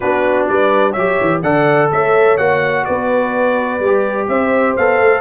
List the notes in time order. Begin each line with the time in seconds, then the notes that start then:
0.00 B3 D4 F#4 B4
0.48 G3 B4 D5
0.91 F#3 G4 C#5 E5
1.20 E3
1.42 D3 A4 D5 F#5
1.91 A3 C#5 E5
2.37 A#3 F#4 F#5
2.85 B3 B4 D5
3.79 G3
3.86 G4
4.27 C4 C5 E5
4.76 B3 A4 F5
5.00 A3